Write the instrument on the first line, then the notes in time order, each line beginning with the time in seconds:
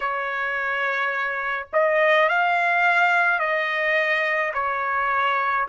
trumpet
0.00 C#5
1.72 D#5
2.28 F5
3.39 D#5
4.53 C#5